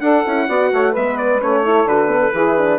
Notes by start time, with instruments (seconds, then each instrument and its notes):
0.00 horn D4, bassoon D4, saxophone A4, trumpet F#5
0.27 bassoon C#4, horn E4
0.47 bassoon B3, horn F#4, saxophone D5
0.72 bassoon A3, saxophone C#5
0.91 bassoon G#3, saxophone B4, trumpet E5
0.97 horn B3
1.17 trumpet D5
1.41 bassoon A3, horn C#4, trumpet C#5
1.63 horn E4, saxophone A4
1.85 bassoon D3, horn F#4, trumpet B4
2.08 horn B3
2.33 bassoon E3, horn E4, saxophone G#4
2.58 horn D4